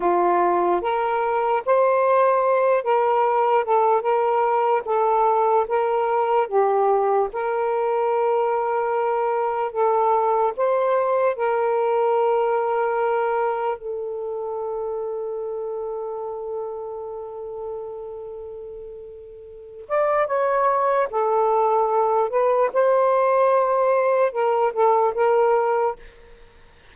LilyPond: \new Staff \with { instrumentName = "saxophone" } { \time 4/4 \tempo 4 = 74 f'4 ais'4 c''4. ais'8~ | ais'8 a'8 ais'4 a'4 ais'4 | g'4 ais'2. | a'4 c''4 ais'2~ |
ais'4 a'2.~ | a'1~ | a'8 d''8 cis''4 a'4. b'8 | c''2 ais'8 a'8 ais'4 | }